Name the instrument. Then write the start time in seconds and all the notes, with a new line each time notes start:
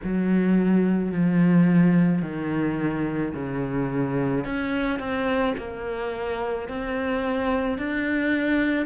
cello
0.03 F#3
1.11 F3
2.22 D#3
3.33 C#3
4.44 C#4
4.98 C4
5.57 A#3
6.68 C4
7.78 D4